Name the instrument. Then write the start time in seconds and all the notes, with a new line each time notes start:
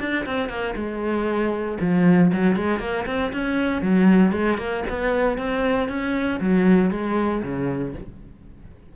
cello
0.00 D4
0.26 C4
0.49 A#3
0.76 G#3
1.81 F3
2.33 F#3
2.57 G#3
2.80 A#3
3.07 C4
3.33 C#4
3.82 F#3
4.33 G#3
4.59 A#3
4.90 B3
5.38 C4
5.89 C#4
6.41 F#3
6.91 G#3
7.43 C#3